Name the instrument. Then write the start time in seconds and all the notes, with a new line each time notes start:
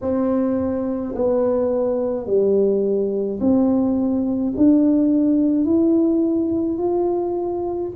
tuba
0.01 C4
1.15 B3
2.26 G3
3.40 C4
4.56 D4
5.64 E4
6.78 F4